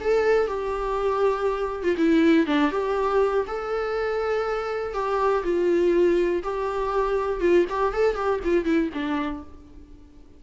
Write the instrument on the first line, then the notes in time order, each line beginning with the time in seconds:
viola
0.00 A4
0.47 G4
1.83 F4
1.97 E4
2.46 D4
2.71 G4
3.47 A4
4.93 G4
5.43 F4
6.43 G4
7.40 F4
7.69 G4
7.93 A4
8.14 G4
8.43 F4
8.64 E4
8.93 D4